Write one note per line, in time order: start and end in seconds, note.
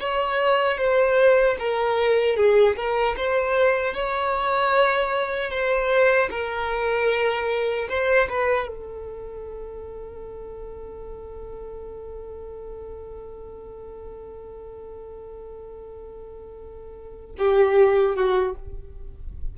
0.00 0.78 C#5
0.78 1.57 C5
1.60 2.36 A#4
2.36 2.76 G#4
2.76 3.16 A#4
3.17 3.94 C5
3.94 5.50 C#5
5.50 6.29 C5
6.31 7.88 A#4
7.89 8.29 C5
8.29 8.68 B4
8.68 17.36 A4
17.39 18.15 G4
18.15 18.55 F#4